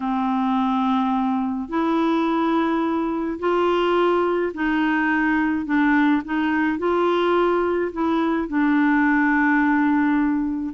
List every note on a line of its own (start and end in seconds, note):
0.00 1.68 C4
1.68 3.38 E4
3.39 4.52 F4
4.54 5.65 D#4
5.65 6.22 D4
6.24 6.78 D#4
6.78 7.91 F4
7.92 8.48 E4
8.48 10.74 D4